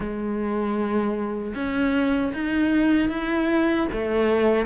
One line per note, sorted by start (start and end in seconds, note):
0.00 1.54 G#3
1.54 2.32 C#4
2.33 3.09 D#4
3.09 3.87 E4
3.92 4.66 A3